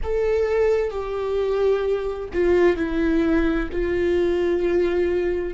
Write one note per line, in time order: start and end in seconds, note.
0.03 0.90 A4
0.90 2.28 G4
2.33 2.76 F4
2.76 3.68 E4
3.72 5.53 F4